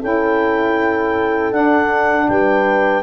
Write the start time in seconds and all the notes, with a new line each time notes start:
0.00 C#4 E4 A4 G5
1.51 D4 F#5
2.28 G3 B4 G5